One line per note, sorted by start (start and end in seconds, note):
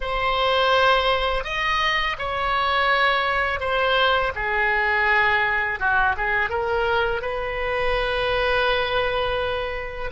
0.00 1.44 C5
1.44 2.16 D#5
2.18 3.60 C#5
3.60 4.32 C5
4.35 5.79 G#4
5.79 6.15 F#4
6.16 6.49 G#4
6.49 7.21 A#4
7.21 10.10 B4